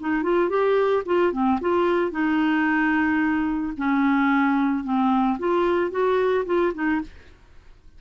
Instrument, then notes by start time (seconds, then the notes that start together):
clarinet
0.00 D#4
0.23 F4
0.49 G4
1.06 F4
1.32 C4
1.61 F4
2.11 D#4
3.77 C#4
4.84 C4
5.39 F4
5.91 F#4
6.45 F4
6.74 D#4